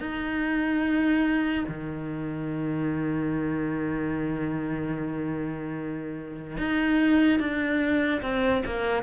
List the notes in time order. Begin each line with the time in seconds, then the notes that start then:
0.00 D#4
1.68 D#3
6.57 D#4
7.39 D4
8.22 C4
8.66 A#3